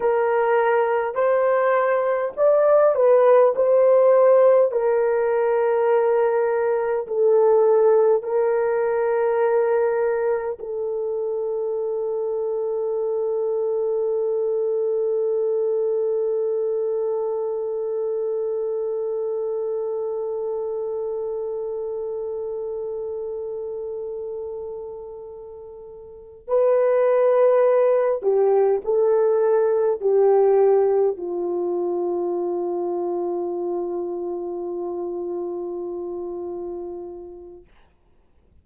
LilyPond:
\new Staff \with { instrumentName = "horn" } { \time 4/4 \tempo 4 = 51 ais'4 c''4 d''8 b'8 c''4 | ais'2 a'4 ais'4~ | ais'4 a'2.~ | a'1~ |
a'1~ | a'2~ a'8 b'4. | g'8 a'4 g'4 f'4.~ | f'1 | }